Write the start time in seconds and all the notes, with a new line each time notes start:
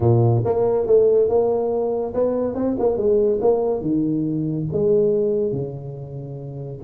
0.00 A#2
0.44 A#3
0.86 A3
1.28 A#3
2.14 B3
2.54 C4
2.79 A#3
2.97 G#3
3.41 A#3
3.81 D#3
4.72 G#3
5.52 C#3